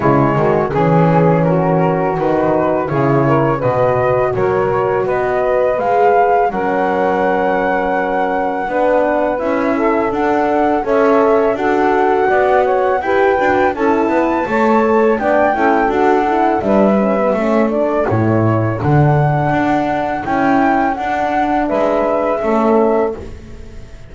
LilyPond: <<
  \new Staff \with { instrumentName = "flute" } { \time 4/4 \tempo 4 = 83 cis''4 gis'4 ais'4 b'4 | cis''4 dis''4 cis''4 dis''4 | f''4 fis''2.~ | fis''4 e''4 fis''4 e''4 |
fis''2 g''4 a''4~ | a''4 g''4 fis''4 e''4~ | e''8 d''8 cis''4 fis''2 | g''4 fis''4 e''2 | }
  \new Staff \with { instrumentName = "saxophone" } { \time 4/4 e'8 fis'8 gis'4 fis'2 | gis'8 ais'8 b'4 ais'4 b'4~ | b'4 ais'2. | b'4. a'4. cis''4 |
a'4 d''8 cis''8 b'4 a'8 b'8 | cis''4 d''8 a'4. b'4 | a'1~ | a'2 b'4 a'4 | }
  \new Staff \with { instrumentName = "horn" } { \time 4/4 gis4 cis'2 dis'4 | e'4 fis'2. | gis'4 cis'2. | d'4 e'4 d'4 a'4 |
fis'2 g'8 fis'8 e'4 | a'4 d'8 e'8 fis'8 e'8 d'8 cis'16 b16 | cis'8 d'8 e'4 d'2 | e'4 d'2 cis'4 | }
  \new Staff \with { instrumentName = "double bass" } { \time 4/4 cis8 dis8 e2 dis4 | cis4 b,4 fis4 b4 | gis4 fis2. | b4 cis'4 d'4 cis'4 |
d'4 b4 e'8 d'8 cis'8 b8 | a4 b8 cis'8 d'4 g4 | a4 a,4 d4 d'4 | cis'4 d'4 gis4 a4 | }
>>